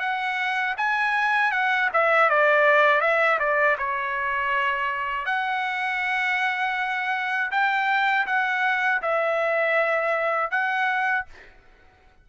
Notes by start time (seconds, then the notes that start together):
0.00 F#5
0.78 G#5
1.52 F#5
1.94 E5
2.30 D5
3.01 E5
3.39 D5
3.78 C#5
5.26 F#5
7.51 G5
8.27 F#5
9.02 E5
10.51 F#5